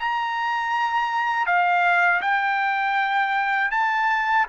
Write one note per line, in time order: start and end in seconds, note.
0.00 1.46 A#5
1.46 2.21 F5
2.22 3.71 G5
3.71 4.46 A5